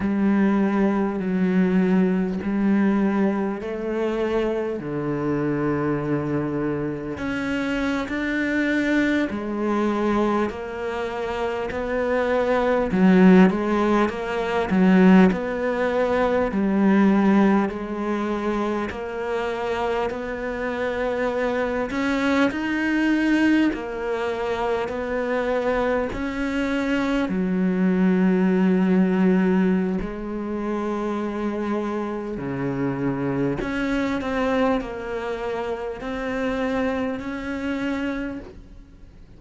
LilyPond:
\new Staff \with { instrumentName = "cello" } { \time 4/4 \tempo 4 = 50 g4 fis4 g4 a4 | d2 cis'8. d'4 gis16~ | gis8. ais4 b4 fis8 gis8 ais16~ | ais16 fis8 b4 g4 gis4 ais16~ |
ais8. b4. cis'8 dis'4 ais16~ | ais8. b4 cis'4 fis4~ fis16~ | fis4 gis2 cis4 | cis'8 c'8 ais4 c'4 cis'4 | }